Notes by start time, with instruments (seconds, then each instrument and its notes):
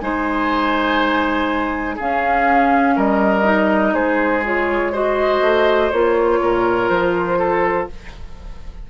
0.00 bassoon G#3, clarinet D#4, oboe C5, flute G#5
1.96 clarinet C#4, bassoon C#4, oboe G#4, flute F5
2.96 bassoon G3, oboe A#4, flute D#5
3.44 clarinet D#4
3.93 bassoon G#3, oboe G#4, flute C5
4.45 clarinet F4, flute C#5
4.92 clarinet F#4, oboe C5, flute D#5
5.42 bassoon A3
5.91 bassoon A#3, clarinet F4, flute C#5
6.41 bassoon A#2, oboe A#4
6.89 bassoon F3, flute C5
7.39 oboe A4